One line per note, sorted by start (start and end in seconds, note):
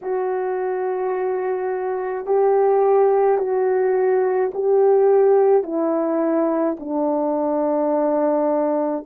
0.01 2.26 F#4
2.26 3.38 G4
3.38 4.51 F#4
4.54 5.63 G4
5.63 6.76 E4
6.79 9.05 D4